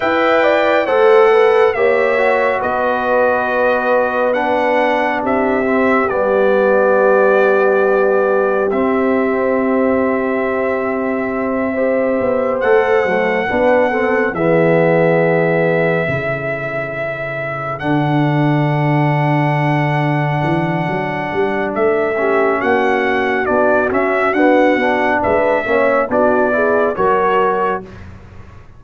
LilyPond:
<<
  \new Staff \with { instrumentName = "trumpet" } { \time 4/4 \tempo 4 = 69 g''4 fis''4 e''4 dis''4~ | dis''4 fis''4 e''4 d''4~ | d''2 e''2~ | e''2~ e''8 fis''4.~ |
fis''8 e''2.~ e''8~ | e''8 fis''2.~ fis''8~ | fis''4 e''4 fis''4 d''8 e''8 | fis''4 e''4 d''4 cis''4 | }
  \new Staff \with { instrumentName = "horn" } { \time 4/4 e''8 d''8 c''8 b'8 cis''4 b'4~ | b'2 g'2~ | g'1~ | g'4. c''2 b'8 |
a'8 gis'2 a'4.~ | a'1~ | a'4. g'8 fis'2~ | fis'4 b'8 cis''8 fis'8 gis'8 ais'4 | }
  \new Staff \with { instrumentName = "trombone" } { \time 4/4 b'4 a'4 g'8 fis'4.~ | fis'4 d'4. c'8 b4~ | b2 c'2~ | c'4. g'4 a'8 a8 d'8 |
c'8 b2 e'4.~ | e'8 d'2.~ d'8~ | d'4. cis'4. d'8 cis'8 | b8 d'4 cis'8 d'8 e'8 fis'4 | }
  \new Staff \with { instrumentName = "tuba" } { \time 4/4 e'4 a4 ais4 b4~ | b2 c'4 g4~ | g2 c'2~ | c'2 b8 a8 fis8 b8~ |
b8 e2 cis4.~ | cis8 d2. e8 | fis8 g8 a4 ais4 b8 cis'8 | d'8 b8 gis8 ais8 b4 fis4 | }
>>